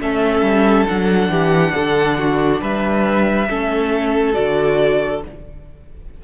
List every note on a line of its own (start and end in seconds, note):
0.00 0.41 A3
0.00 0.86 C#4
0.00 1.31 A4
0.00 0.86 E5
0.41 0.85 G3
0.86 1.29 F#3
0.86 3.47 D4
0.86 2.60 F#5
1.29 1.72 E3
1.29 1.74 G4
1.74 2.61 D3
1.74 2.17 A4
2.18 2.61 F#4
2.61 3.48 G3
2.61 3.48 B4
2.61 4.34 E5
3.49 4.36 A3
3.49 4.33 C#4
3.49 5.24 A4
4.33 5.24 D3
4.33 5.20 F#4
4.33 5.21 D5